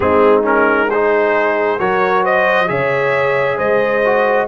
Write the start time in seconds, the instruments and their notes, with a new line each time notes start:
0.00 tuba G#3, trombone C4, horn D#4, trumpet G#4
0.43 trombone C#4, trumpet A#4
0.90 trombone D#4, horn G#4, trumpet C5
1.79 tuba F#3, trombone F#4, horn A#4, trumpet C#5
2.23 horn C5, trumpet D#5
2.67 tuba C#3, trombone G#4, horn C#5, trumpet E5
3.57 tuba G#3, horn C5, trumpet D#5
4.04 trombone F#4